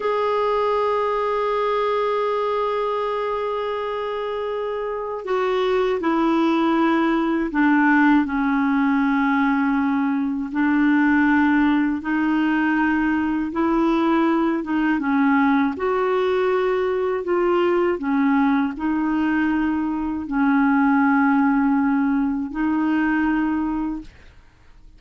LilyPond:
\new Staff \with { instrumentName = "clarinet" } { \time 4/4 \tempo 4 = 80 gis'1~ | gis'2. fis'4 | e'2 d'4 cis'4~ | cis'2 d'2 |
dis'2 e'4. dis'8 | cis'4 fis'2 f'4 | cis'4 dis'2 cis'4~ | cis'2 dis'2 | }